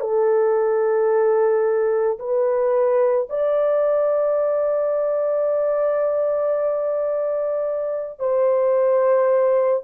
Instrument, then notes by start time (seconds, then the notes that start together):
horn
0.00 A4
2.19 B4
3.29 D5
8.19 C5